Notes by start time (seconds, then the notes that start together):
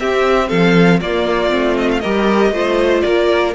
0.00 C4 G4 E5
0.49 F3 A4 F5
1.01 A#3 F4 D5
1.50 A3 C4
1.78 D#5
1.92 F5
2.00 G3 G4 A#4 D#5
2.52 A3 F4 C5
3.02 A#3 A#4 D5